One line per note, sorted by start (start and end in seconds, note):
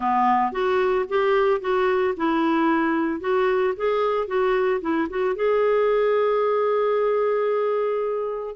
0.00 0.52 B3
0.52 1.05 F#4
1.08 1.60 G4
1.60 2.14 F#4
2.16 3.20 E4
3.20 3.74 F#4
3.76 4.27 G#4
4.27 4.80 F#4
4.81 5.08 E4
5.09 5.35 F#4
5.35 8.55 G#4